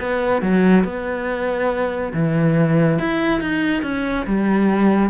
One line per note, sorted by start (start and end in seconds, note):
0.00 0.42 B3
0.42 0.84 F#3
0.84 2.13 B3
2.13 2.99 E3
2.99 3.41 E4
3.41 3.83 D#4
3.83 4.26 C#4
4.26 5.10 G3